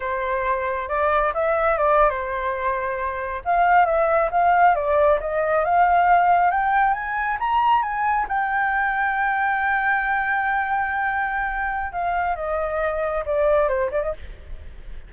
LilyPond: \new Staff \with { instrumentName = "flute" } { \time 4/4 \tempo 4 = 136 c''2 d''4 e''4 | d''8. c''2. f''16~ | f''8. e''4 f''4 d''4 dis''16~ | dis''8. f''2 g''4 gis''16~ |
gis''8. ais''4 gis''4 g''4~ g''16~ | g''1~ | g''2. f''4 | dis''2 d''4 c''8 d''16 dis''16 | }